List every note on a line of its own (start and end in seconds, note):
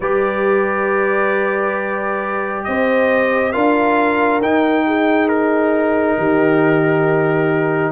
0.00 2.65 G3
0.00 3.53 G4
0.00 2.65 B4
0.00 2.63 D5
2.63 3.55 C4
2.63 3.52 C5
2.63 3.51 D#5
3.51 4.41 D4
3.51 4.41 F4
3.51 4.85 A#4
3.51 4.40 F5
4.41 6.17 D#4
4.41 7.92 D#4
4.41 5.28 G5
4.86 6.17 G#4
5.28 7.92 A#4
6.17 7.92 D#3
6.17 7.92 G4